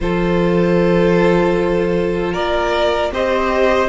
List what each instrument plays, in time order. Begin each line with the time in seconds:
0.00 cello F3, viola F4, violin A4 C5
2.32 cello A#3, violin A#4 D5
3.12 cello C4, viola G4, violin C5 D#5